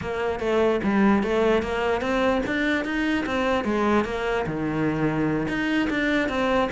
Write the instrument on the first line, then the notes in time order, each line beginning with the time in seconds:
cello
0.01 A#3
0.39 A3
0.83 G3
1.23 A3
1.62 A#3
2.01 C4
2.46 D4
2.84 D#4
3.26 C4
3.64 G#3
4.04 A#3
4.46 D#3
5.48 D#4
5.90 D4
6.28 C4